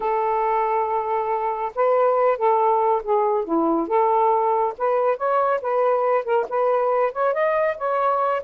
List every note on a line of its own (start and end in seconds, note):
0.00 1.72 A4
1.75 2.37 B4
2.37 3.02 A4
3.03 3.44 G#4
3.44 3.87 E4
3.87 4.73 A4
4.78 5.17 B4
5.17 5.60 C#5
5.61 6.24 B4
6.24 6.46 A#4
6.49 7.12 B4
7.12 7.33 C#5
7.33 7.77 D#5
7.77 8.42 C#5